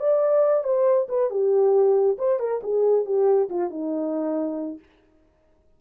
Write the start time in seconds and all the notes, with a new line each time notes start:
0.00 D5
0.64 C5
1.09 B4
1.30 G4
2.18 C5
2.40 A#4
2.63 G#4
3.06 G4
3.50 F4
3.71 D#4